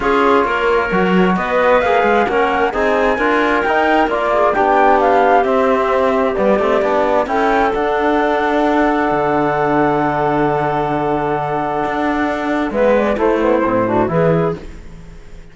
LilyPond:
<<
  \new Staff \with { instrumentName = "flute" } { \time 4/4 \tempo 4 = 132 cis''2. dis''4 | f''4 fis''4 gis''2 | g''4 d''4 g''4 f''4 | e''2 d''2 |
g''4 fis''2.~ | fis''1~ | fis''1 | e''8 d''8 c''2 b'4 | }
  \new Staff \with { instrumentName = "clarinet" } { \time 4/4 gis'4 ais'2 b'4~ | b'4 ais'4 gis'4 ais'4~ | ais'4. gis'8 g'2~ | g'1 |
a'1~ | a'1~ | a'1 | b'4 e'4. fis'8 gis'4 | }
  \new Staff \with { instrumentName = "trombone" } { \time 4/4 f'2 fis'2 | gis'4 cis'4 dis'4 f'4 | dis'4 f'4 d'2 | c'2 b8 c'8 d'4 |
e'4 d'2.~ | d'1~ | d'1 | b4 a8 b8 c'8 d'8 e'4 | }
  \new Staff \with { instrumentName = "cello" } { \time 4/4 cis'4 ais4 fis4 b4 | ais8 gis8 ais4 c'4 d'4 | dis'4 ais4 b2 | c'2 g8 a8 b4 |
cis'4 d'2. | d1~ | d2 d'2 | gis4 a4 a,4 e4 | }
>>